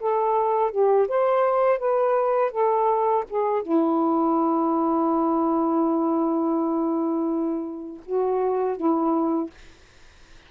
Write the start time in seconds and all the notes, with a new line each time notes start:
0.00 A4
0.71 G4
1.08 C5
1.79 B4
2.51 A4
3.30 G#4
3.63 E4
8.06 F#4
8.77 E4